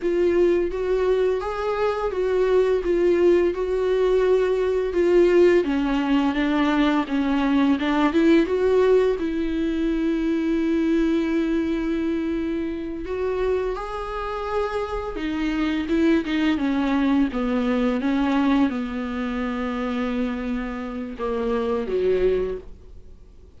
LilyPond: \new Staff \with { instrumentName = "viola" } { \time 4/4 \tempo 4 = 85 f'4 fis'4 gis'4 fis'4 | f'4 fis'2 f'4 | cis'4 d'4 cis'4 d'8 e'8 | fis'4 e'2.~ |
e'2~ e'8 fis'4 gis'8~ | gis'4. dis'4 e'8 dis'8 cis'8~ | cis'8 b4 cis'4 b4.~ | b2 ais4 fis4 | }